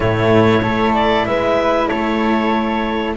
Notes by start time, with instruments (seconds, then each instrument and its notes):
0.00 double bass A2, cello A3, flute E4, clarinet C#5
0.62 double bass A3, cello E4, flute A4
0.94 clarinet D5
1.26 double bass G#3, flute B4, clarinet E5
1.88 double bass A3, flute A4, clarinet C#5